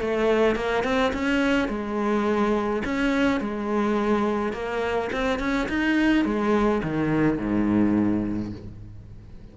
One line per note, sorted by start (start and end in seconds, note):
0.00 0.55 A3
0.55 0.83 A#3
0.83 1.12 C4
1.13 1.68 C#4
1.68 2.82 G#3
2.84 3.40 C#4
3.40 4.52 G#3
4.52 5.10 A#3
5.12 5.39 C4
5.39 5.68 C#4
5.68 6.24 D#4
6.24 6.82 G#3
6.83 7.37 D#3
7.37 8.52 G#2